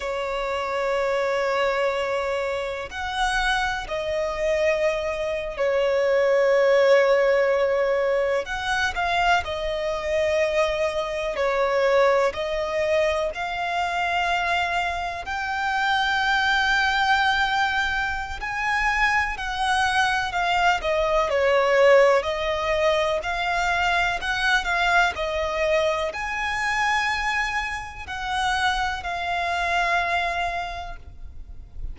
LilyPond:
\new Staff \with { instrumentName = "violin" } { \time 4/4 \tempo 4 = 62 cis''2. fis''4 | dis''4.~ dis''16 cis''2~ cis''16~ | cis''8. fis''8 f''8 dis''2 cis''16~ | cis''8. dis''4 f''2 g''16~ |
g''2. gis''4 | fis''4 f''8 dis''8 cis''4 dis''4 | f''4 fis''8 f''8 dis''4 gis''4~ | gis''4 fis''4 f''2 | }